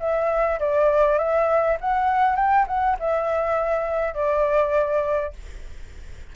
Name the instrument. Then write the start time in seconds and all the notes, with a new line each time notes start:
flute
0.00 E5
0.59 D5
1.18 E5
1.81 F#5
2.36 G5
2.68 F#5
3.00 E5
4.14 D5